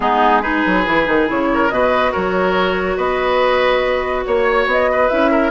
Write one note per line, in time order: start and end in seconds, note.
0.00 0.63 G#3
0.00 0.41 B3
0.00 0.42 D#4
0.00 0.41 G#4
0.41 0.84 D#4
0.41 1.48 G#4
0.41 1.27 B4
0.66 0.86 F#3
0.86 1.07 E3
0.86 1.05 E4
1.05 1.29 D#3
1.05 1.26 D#4
1.27 1.70 C#3
1.27 1.69 E4
1.27 1.69 C#5
1.53 1.73 A#4
1.69 2.12 B2
1.69 5.10 F#4
1.69 2.12 B4
1.69 2.12 D#5
2.12 2.97 F#3
2.12 2.96 A#4
2.12 2.97 C#5
2.96 4.24 B3
2.96 4.24 B4
2.96 4.25 D#5
4.25 4.66 A#3
4.25 4.68 C#5
4.25 4.91 C#5
4.66 5.09 B3
4.66 5.08 D#5
4.91 5.31 B4
5.08 5.51 C#4
5.08 5.51 E4
5.08 5.50 E5
5.31 5.51 A#4